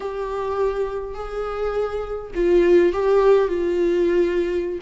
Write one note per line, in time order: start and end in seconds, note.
0.00 1.14 G4
1.14 2.31 G#4
2.34 2.93 F4
2.93 3.48 G4
3.48 4.79 F4